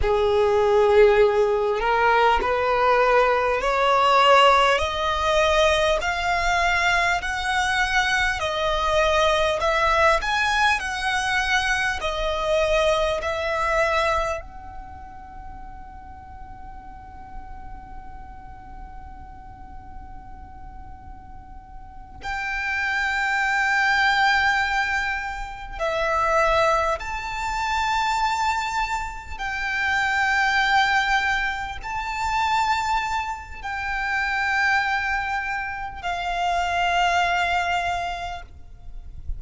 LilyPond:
\new Staff \with { instrumentName = "violin" } { \time 4/4 \tempo 4 = 50 gis'4. ais'8 b'4 cis''4 | dis''4 f''4 fis''4 dis''4 | e''8 gis''8 fis''4 dis''4 e''4 | fis''1~ |
fis''2~ fis''8 g''4.~ | g''4. e''4 a''4.~ | a''8 g''2 a''4. | g''2 f''2 | }